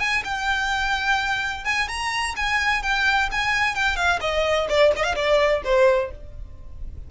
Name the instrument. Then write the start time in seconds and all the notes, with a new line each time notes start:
violin
0.00 G#5
0.25 G5
1.65 G#5
1.89 A#5
2.37 G#5
2.83 G5
3.32 G#5
3.75 G5
3.97 F5
4.21 D#5
4.69 D5
4.97 D#5
5.04 F5
5.16 D5
5.65 C5